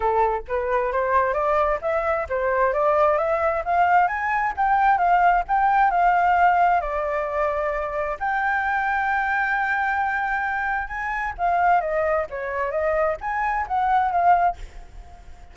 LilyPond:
\new Staff \with { instrumentName = "flute" } { \time 4/4 \tempo 4 = 132 a'4 b'4 c''4 d''4 | e''4 c''4 d''4 e''4 | f''4 gis''4 g''4 f''4 | g''4 f''2 d''4~ |
d''2 g''2~ | g''1 | gis''4 f''4 dis''4 cis''4 | dis''4 gis''4 fis''4 f''4 | }